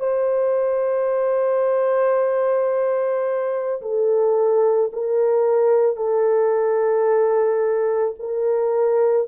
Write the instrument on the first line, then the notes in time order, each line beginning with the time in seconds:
horn
0.00 C5
3.82 A4
4.93 A#4
5.97 A4
8.20 A#4